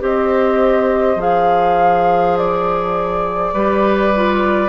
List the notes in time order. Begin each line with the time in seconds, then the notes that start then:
0.00 C4 G4 C5 D#5
1.16 F3 G#4 F5
2.38 D5
3.54 G3 G4 B4
4.16 F4